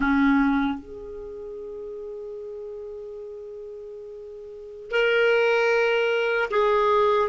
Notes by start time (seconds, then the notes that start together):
0.00 C#4
0.78 G#4
4.91 A#4
6.51 G#4